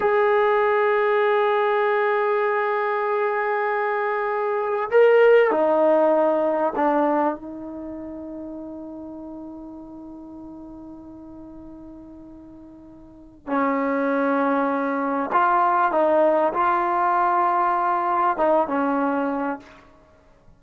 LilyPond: \new Staff \with { instrumentName = "trombone" } { \time 4/4 \tempo 4 = 98 gis'1~ | gis'1 | ais'4 dis'2 d'4 | dis'1~ |
dis'1~ | dis'2 cis'2~ | cis'4 f'4 dis'4 f'4~ | f'2 dis'8 cis'4. | }